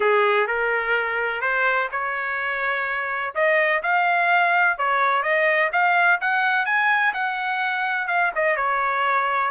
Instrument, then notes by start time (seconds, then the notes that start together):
trumpet
0.00 G#4
0.47 A#4
1.41 C5
1.91 C#5
3.34 D#5
3.82 F5
4.77 C#5
5.22 D#5
5.72 F5
6.20 F#5
6.65 G#5
7.13 F#5
8.07 F5
8.35 D#5
8.56 C#5